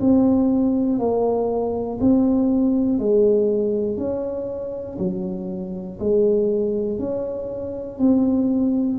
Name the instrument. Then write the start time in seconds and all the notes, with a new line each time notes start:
tuba
0.00 C4
0.99 A#3
2.00 C4
2.99 G#3
3.97 C#4
4.98 F#3
5.99 G#3
6.98 C#4
7.98 C4